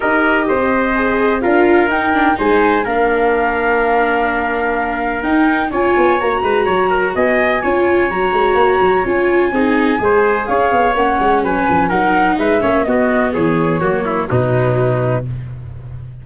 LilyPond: <<
  \new Staff \with { instrumentName = "flute" } { \time 4/4 \tempo 4 = 126 dis''2. f''4 | g''4 gis''4 f''2~ | f''2. g''4 | gis''4 ais''2 gis''4~ |
gis''4 ais''2 gis''4~ | gis''2 f''4 fis''4 | gis''4 fis''4 e''4 dis''4 | cis''2 b'2 | }
  \new Staff \with { instrumentName = "trumpet" } { \time 4/4 ais'4 c''2 ais'4~ | ais'4 c''4 ais'2~ | ais'1 | cis''4. b'8 cis''8 ais'8 dis''4 |
cis''1 | gis'4 c''4 cis''2 | b'4 ais'4 b'8 cis''8 fis'4 | gis'4 fis'8 e'8 dis'2 | }
  \new Staff \with { instrumentName = "viola" } { \time 4/4 g'2 gis'4 f'4 | dis'8 d'8 dis'4 d'2~ | d'2. dis'4 | f'4 fis'2. |
f'4 fis'2 f'4 | dis'4 gis'2 cis'4~ | cis'4 dis'4. cis'8 b4~ | b4 ais4 fis2 | }
  \new Staff \with { instrumentName = "tuba" } { \time 4/4 dis'4 c'2 d'4 | dis'4 gis4 ais2~ | ais2. dis'4 | cis'8 b8 ais8 gis8 fis4 b4 |
cis'4 fis8 gis8 ais8 fis8 cis'4 | c'4 gis4 cis'8 b8 ais8 gis8 | fis8 f8 fis4 gis8 ais8 b4 | e4 fis4 b,2 | }
>>